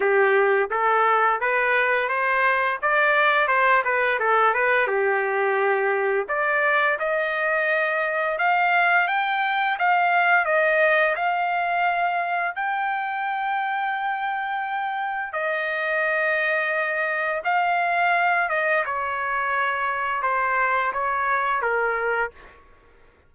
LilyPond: \new Staff \with { instrumentName = "trumpet" } { \time 4/4 \tempo 4 = 86 g'4 a'4 b'4 c''4 | d''4 c''8 b'8 a'8 b'8 g'4~ | g'4 d''4 dis''2 | f''4 g''4 f''4 dis''4 |
f''2 g''2~ | g''2 dis''2~ | dis''4 f''4. dis''8 cis''4~ | cis''4 c''4 cis''4 ais'4 | }